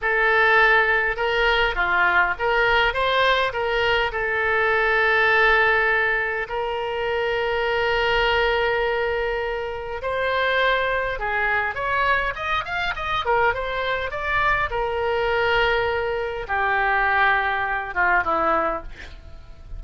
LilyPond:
\new Staff \with { instrumentName = "oboe" } { \time 4/4 \tempo 4 = 102 a'2 ais'4 f'4 | ais'4 c''4 ais'4 a'4~ | a'2. ais'4~ | ais'1~ |
ais'4 c''2 gis'4 | cis''4 dis''8 f''8 dis''8 ais'8 c''4 | d''4 ais'2. | g'2~ g'8 f'8 e'4 | }